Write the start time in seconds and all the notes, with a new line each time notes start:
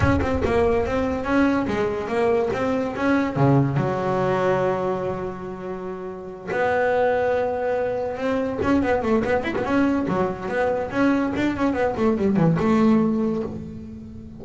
0.00 C#4
0.21 C4
0.45 A#3
0.85 C4
1.24 C#4
1.67 G#3
2.07 A#3
2.53 C4
2.96 C#4
3.35 C#3
3.76 F#3
6.51 B3
8.17 C4
8.62 C#4
8.82 B3
9.02 A3
9.24 B3
9.43 E4
9.56 B3
9.64 C#4
10.08 F#3
10.48 B3
10.90 C#4
11.36 D4
11.56 C#4
11.73 B3
11.96 A3
12.17 G3
12.36 E3
12.59 A3